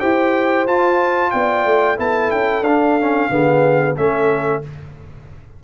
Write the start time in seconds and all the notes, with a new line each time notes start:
0.00 E4 G4 C5 G5
0.67 F4 A5
1.31 B3 D5 G5
1.65 A3
1.97 B3 E4 A4 A5
2.31 C#4 G5
2.62 D4 F5
3.01 C#4
3.30 D3 B3 G#4
3.97 A3 C#4 A4 E5